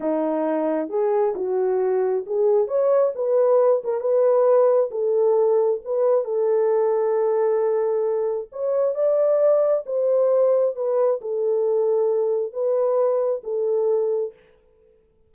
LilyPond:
\new Staff \with { instrumentName = "horn" } { \time 4/4 \tempo 4 = 134 dis'2 gis'4 fis'4~ | fis'4 gis'4 cis''4 b'4~ | b'8 ais'8 b'2 a'4~ | a'4 b'4 a'2~ |
a'2. cis''4 | d''2 c''2 | b'4 a'2. | b'2 a'2 | }